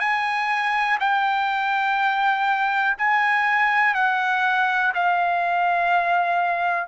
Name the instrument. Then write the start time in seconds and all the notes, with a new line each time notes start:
trumpet
0.00 G#5
1.00 G5
2.98 G#5
3.95 F#5
4.95 F5